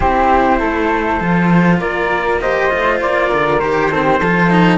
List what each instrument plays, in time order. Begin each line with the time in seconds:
0.00 cello C4 E4, flute G4, trumpet C5
0.58 cello A3, flute A4
1.20 cello F3 F4
1.80 cello A#3, flute A#4, trumpet D5
2.40 cello G4, flute C5, trumpet D#5
2.70 cello A3 F4
3.01 cello A#3, trumpet D5
3.28 cello D3, flute A#4
3.59 cello D#3 G4, trumpet C5
3.91 cello C4, flute A4
4.03 flute G4
4.20 cello F3 F4, flute A4
4.50 cello D#4